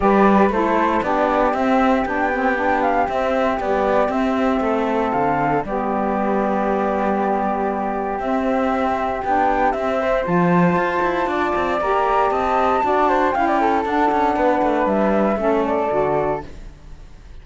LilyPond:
<<
  \new Staff \with { instrumentName = "flute" } { \time 4/4 \tempo 4 = 117 d''4 c''4 d''4 e''4 | g''4. f''8 e''4 d''4 | e''2 f''4 d''4~ | d''1 |
e''2 g''4 e''4 | a''2. ais''4 | a''2 g''4 fis''4~ | fis''4 e''4. d''4. | }
  \new Staff \with { instrumentName = "flute" } { \time 4/4 b'4 a'4 g'2~ | g'1~ | g'4 a'2 g'4~ | g'1~ |
g'2.~ g'8 c''8~ | c''2 d''2 | dis''4 d''8 c''8 f''16 d''16 a'4. | b'2 a'2 | }
  \new Staff \with { instrumentName = "saxophone" } { \time 4/4 g'4 e'4 d'4 c'4 | d'8 c'8 d'4 c'4 g4 | c'2. b4~ | b1 |
c'2 d'4 c'4 | f'2. g'4~ | g'4 fis'4 e'4 d'4~ | d'2 cis'4 fis'4 | }
  \new Staff \with { instrumentName = "cello" } { \time 4/4 g4 a4 b4 c'4 | b2 c'4 b4 | c'4 a4 d4 g4~ | g1 |
c'2 b4 c'4 | f4 f'8 e'8 d'8 c'8 ais4 | c'4 d'4 cis'4 d'8 cis'8 | b8 a8 g4 a4 d4 | }
>>